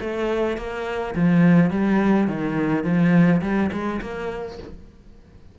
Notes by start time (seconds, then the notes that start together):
0.00 A3
0.57 A#3
1.15 F3
1.70 G3
2.27 D#3
2.84 F3
3.41 G3
3.72 G#3
4.01 A#3